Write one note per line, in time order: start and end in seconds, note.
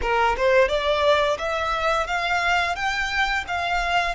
0.01 0.36 A#4
0.36 0.68 C5
0.68 1.37 D5
1.38 2.06 E5
2.06 2.75 F5
2.75 3.44 G5
3.47 4.14 F5